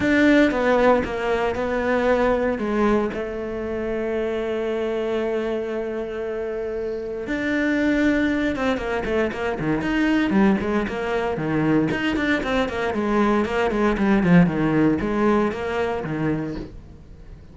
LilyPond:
\new Staff \with { instrumentName = "cello" } { \time 4/4 \tempo 4 = 116 d'4 b4 ais4 b4~ | b4 gis4 a2~ | a1~ | a2 d'2~ |
d'8 c'8 ais8 a8 ais8 dis8 dis'4 | g8 gis8 ais4 dis4 dis'8 d'8 | c'8 ais8 gis4 ais8 gis8 g8 f8 | dis4 gis4 ais4 dis4 | }